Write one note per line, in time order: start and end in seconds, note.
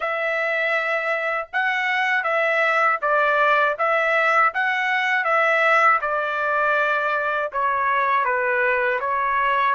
0.00 1.48 E5
1.52 2.23 F#5
2.23 2.98 E5
3.01 3.76 D5
3.78 4.53 E5
4.53 5.24 F#5
5.24 5.99 E5
6.01 7.51 D5
7.52 8.24 C#5
8.24 8.99 B4
9.00 9.74 C#5